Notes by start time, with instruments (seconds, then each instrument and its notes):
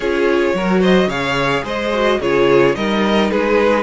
0.00 cello C#4, viola F4, violin G#4 C#5
0.54 cello F#3, viola F#4, violin A#4
0.80 violin C5 D#5
1.07 cello C#3, viola G#4, violin C#5 F5
1.64 cello G#3, violin C5 D#5
1.93 viola F#4
2.20 cello C#3, viola F4, violin G#4 C#5
2.75 cello G3, viola D#4, violin A#4 D#5
3.30 cello G#3, violin G#4 B4